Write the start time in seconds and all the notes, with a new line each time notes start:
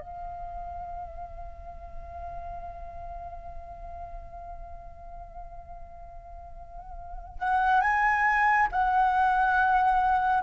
0.00 F5
7.39 F#5
7.81 G#5
8.72 F#5